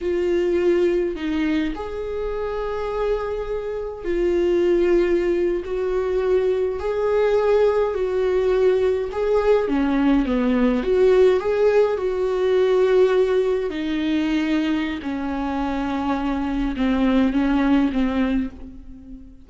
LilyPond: \new Staff \with { instrumentName = "viola" } { \time 4/4 \tempo 4 = 104 f'2 dis'4 gis'4~ | gis'2. f'4~ | f'4.~ f'16 fis'2 gis'16~ | gis'4.~ gis'16 fis'2 gis'16~ |
gis'8. cis'4 b4 fis'4 gis'16~ | gis'8. fis'2. dis'16~ | dis'2 cis'2~ | cis'4 c'4 cis'4 c'4 | }